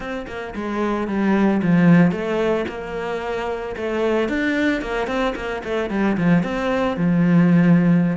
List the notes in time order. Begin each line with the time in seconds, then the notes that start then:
0.00 C4
0.27 A#3
0.55 G#3
1.07 G3
1.62 F3
2.11 A3
2.68 A#3
3.76 A3
4.29 D4
4.81 A#3
5.07 C4
5.35 A#3
5.64 A3
5.90 G3
6.17 F3
6.43 C4
6.96 F3